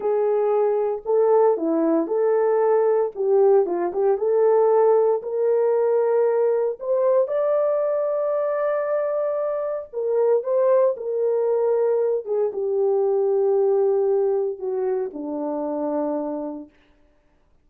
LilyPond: \new Staff \with { instrumentName = "horn" } { \time 4/4 \tempo 4 = 115 gis'2 a'4 e'4 | a'2 g'4 f'8 g'8 | a'2 ais'2~ | ais'4 c''4 d''2~ |
d''2. ais'4 | c''4 ais'2~ ais'8 gis'8 | g'1 | fis'4 d'2. | }